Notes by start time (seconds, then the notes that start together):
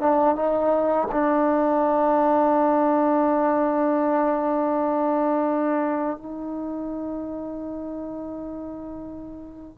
0.00 D4
0.35 D#4
1.11 D4
6.17 D#4